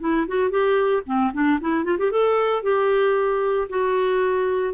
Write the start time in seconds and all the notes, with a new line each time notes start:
0.00 E4
0.28 F#4
0.50 G4
1.06 C4
1.33 D4
1.61 E4
1.84 F4
1.98 G4
2.11 A4
2.62 G4
3.69 F#4